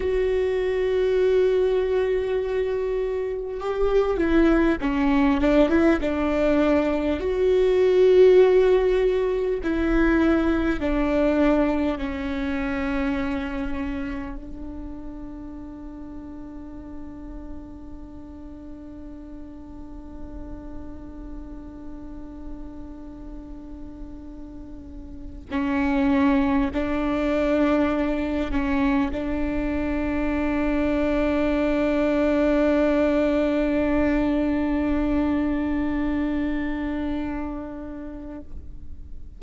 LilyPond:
\new Staff \with { instrumentName = "viola" } { \time 4/4 \tempo 4 = 50 fis'2. g'8 e'8 | cis'8 d'16 e'16 d'4 fis'2 | e'4 d'4 cis'2 | d'1~ |
d'1~ | d'4~ d'16 cis'4 d'4. cis'16~ | cis'16 d'2.~ d'8.~ | d'1 | }